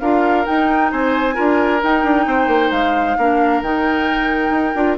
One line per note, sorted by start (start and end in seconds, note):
0.00 0.46 D4
0.00 0.45 F4
0.00 0.91 A#4
0.00 0.45 F5
0.45 1.34 D#4
0.45 0.92 D#4
0.45 0.91 G5
0.91 1.37 C4
0.91 1.34 C5
0.91 1.82 G#5
1.34 1.83 D4
1.34 1.79 F4
1.34 2.25 A#4
1.83 2.03 D#4
1.83 3.18 D#4
1.83 2.71 G5
2.03 2.26 D4
2.26 2.47 C4
2.26 3.17 C5
2.47 2.70 A#3
2.71 3.16 G#3
2.71 3.61 F5
3.17 3.62 A#3
3.17 3.63 D4
3.17 4.97 A#4
3.62 4.50 D#3
3.62 4.75 D#4
3.62 4.97 G5
4.50 4.73 D#4
4.75 4.97 D4
4.75 4.97 F4